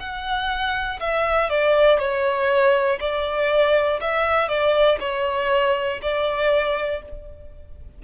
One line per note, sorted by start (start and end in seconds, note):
0.00 1.00 F#5
1.00 1.50 E5
1.50 2.00 D5
2.00 3.00 C#5
3.01 4.01 D5
4.01 4.49 E5
4.49 4.99 D5
5.00 6.00 C#5
6.02 7.02 D5